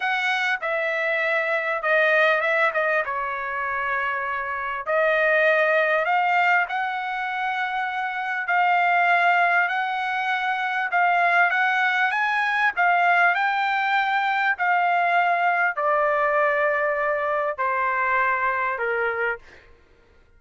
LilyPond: \new Staff \with { instrumentName = "trumpet" } { \time 4/4 \tempo 4 = 99 fis''4 e''2 dis''4 | e''8 dis''8 cis''2. | dis''2 f''4 fis''4~ | fis''2 f''2 |
fis''2 f''4 fis''4 | gis''4 f''4 g''2 | f''2 d''2~ | d''4 c''2 ais'4 | }